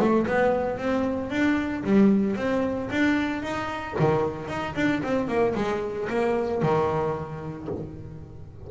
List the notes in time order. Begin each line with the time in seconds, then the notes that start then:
0.00 A3
0.27 B3
0.78 C4
1.30 D4
1.84 G3
2.37 C4
2.91 D4
3.42 D#4
4.00 D#3
4.48 D#4
4.75 D4
5.03 C4
5.28 A#3
5.55 G#3
6.10 A#3
6.63 D#3